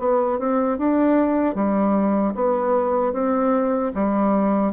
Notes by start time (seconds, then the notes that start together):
0.00 B3
0.39 C4
0.79 D4
1.55 G3
2.35 B3
3.13 C4
3.95 G3